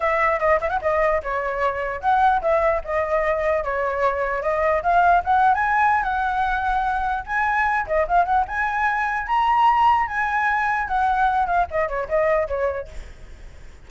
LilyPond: \new Staff \with { instrumentName = "flute" } { \time 4/4 \tempo 4 = 149 e''4 dis''8 e''16 fis''16 dis''4 cis''4~ | cis''4 fis''4 e''4 dis''4~ | dis''4 cis''2 dis''4 | f''4 fis''8. gis''4~ gis''16 fis''4~ |
fis''2 gis''4. dis''8 | f''8 fis''8 gis''2 ais''4~ | ais''4 gis''2 fis''4~ | fis''8 f''8 dis''8 cis''8 dis''4 cis''4 | }